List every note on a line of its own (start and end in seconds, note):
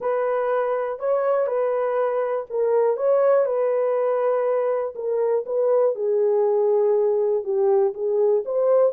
0.00 0.99 B4
0.99 1.46 C#5
1.46 2.45 B4
2.50 2.96 A#4
2.96 3.45 C#5
3.45 4.94 B4
4.95 5.44 A#4
5.46 5.95 B4
5.95 7.44 G#4
7.44 7.93 G4
7.94 8.43 G#4
8.45 8.93 C5